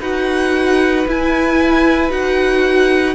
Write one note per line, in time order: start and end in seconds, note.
0.00 1.06 D#4
0.00 1.07 F#4
0.00 3.15 B4
0.00 1.08 F#5
1.08 2.10 E4
1.08 2.11 E4
1.08 2.11 G#5
2.10 3.15 D#4
2.10 3.15 F#4
2.10 3.15 F#5